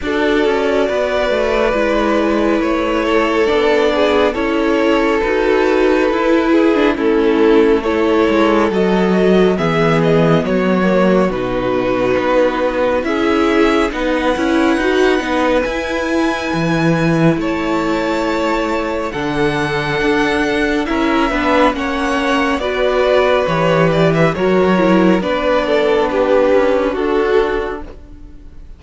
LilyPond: <<
  \new Staff \with { instrumentName = "violin" } { \time 4/4 \tempo 4 = 69 d''2. cis''4 | d''4 cis''4 b'2 | a'4 cis''4 dis''4 e''8 dis''8 | cis''4 b'2 e''4 |
fis''2 gis''2 | a''2 fis''2 | e''4 fis''4 d''4 cis''8 d''16 e''16 | cis''4 d''4 b'4 a'4 | }
  \new Staff \with { instrumentName = "violin" } { \time 4/4 a'4 b'2~ b'8 a'8~ | a'8 gis'8 a'2~ a'8 gis'8 | e'4 a'2 gis'4 | fis'2. gis'4 |
b'1 | cis''2 a'2 | ais'8 b'8 cis''4 b'2 | ais'4 b'8 a'8 g'4 fis'4 | }
  \new Staff \with { instrumentName = "viola" } { \time 4/4 fis'2 e'2 | d'4 e'4 fis'4 e'8. d'16 | cis'4 e'4 fis'4 b4~ | b8 ais8 dis'2 e'4 |
dis'8 e'8 fis'8 dis'8 e'2~ | e'2 d'2 | e'8 d'8 cis'4 fis'4 g'4 | fis'8 e'8 d'2. | }
  \new Staff \with { instrumentName = "cello" } { \time 4/4 d'8 cis'8 b8 a8 gis4 a4 | b4 cis'4 dis'4 e'4 | a4. gis8 fis4 e4 | fis4 b,4 b4 cis'4 |
b8 cis'8 dis'8 b8 e'4 e4 | a2 d4 d'4 | cis'8 b8 ais4 b4 e4 | fis4 b4. cis'8 d'4 | }
>>